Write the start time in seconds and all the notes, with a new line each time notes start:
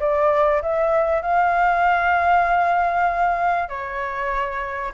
0.00 D5
0.62 E5
1.23 F5
3.69 C#5